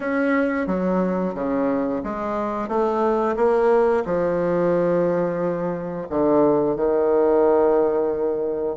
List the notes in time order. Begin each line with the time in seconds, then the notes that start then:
0.00 C#4
0.66 F#3
1.34 C#3
2.03 G#3
2.68 A3
3.36 A#3
4.04 F3
6.09 D3
6.76 D#3